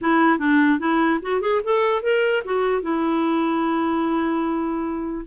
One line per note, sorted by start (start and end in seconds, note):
0.01 0.39 E4
0.39 0.79 D4
0.79 1.19 E4
1.22 1.41 F#4
1.41 1.61 G#4
1.63 2.02 A4
2.02 2.43 A#4
2.44 2.82 F#4
2.82 5.25 E4